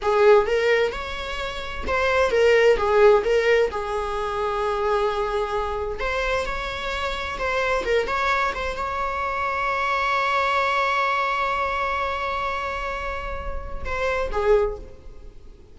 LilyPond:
\new Staff \with { instrumentName = "viola" } { \time 4/4 \tempo 4 = 130 gis'4 ais'4 cis''2 | c''4 ais'4 gis'4 ais'4 | gis'1~ | gis'4 c''4 cis''2 |
c''4 ais'8 cis''4 c''8 cis''4~ | cis''1~ | cis''1~ | cis''2 c''4 gis'4 | }